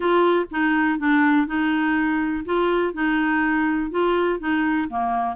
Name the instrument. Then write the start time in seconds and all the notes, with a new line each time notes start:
clarinet
0.00 F4
0.51 D#4
0.98 D4
1.47 D#4
2.45 F4
2.93 D#4
3.90 F4
4.39 D#4
4.89 A#3